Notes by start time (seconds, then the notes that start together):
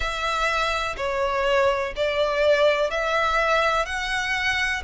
0.00 E5
0.96 C#5
1.96 D5
2.90 E5
3.85 F#5